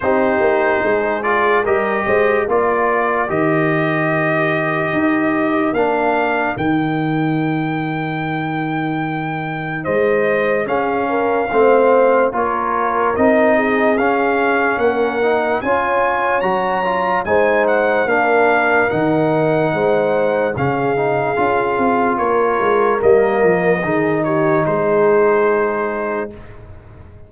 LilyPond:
<<
  \new Staff \with { instrumentName = "trumpet" } { \time 4/4 \tempo 4 = 73 c''4. d''8 dis''4 d''4 | dis''2. f''4 | g''1 | dis''4 f''2 cis''4 |
dis''4 f''4 fis''4 gis''4 | ais''4 gis''8 fis''8 f''4 fis''4~ | fis''4 f''2 cis''4 | dis''4. cis''8 c''2 | }
  \new Staff \with { instrumentName = "horn" } { \time 4/4 g'4 gis'4 ais'8 c''8 ais'4~ | ais'1~ | ais'1 | c''4 gis'8 ais'8 c''4 ais'4~ |
ais'8 gis'4. ais'4 cis''4~ | cis''4 c''4 ais'2 | c''4 gis'2 ais'4~ | ais'4 gis'8 g'8 gis'2 | }
  \new Staff \with { instrumentName = "trombone" } { \time 4/4 dis'4. f'8 g'4 f'4 | g'2. d'4 | dis'1~ | dis'4 cis'4 c'4 f'4 |
dis'4 cis'4. dis'8 f'4 | fis'8 f'8 dis'4 d'4 dis'4~ | dis'4 cis'8 dis'8 f'2 | ais4 dis'2. | }
  \new Staff \with { instrumentName = "tuba" } { \time 4/4 c'8 ais8 gis4 g8 gis8 ais4 | dis2 dis'4 ais4 | dis1 | gis4 cis'4 a4 ais4 |
c'4 cis'4 ais4 cis'4 | fis4 gis4 ais4 dis4 | gis4 cis4 cis'8 c'8 ais8 gis8 | g8 f8 dis4 gis2 | }
>>